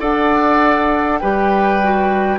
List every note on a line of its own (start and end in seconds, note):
0.00 1.22 D4
0.00 1.21 A4
0.00 1.20 D5
0.00 1.19 F#5
1.19 2.39 G3
1.19 1.82 G4
1.19 2.39 B4
1.19 2.39 G5
1.83 2.39 F#4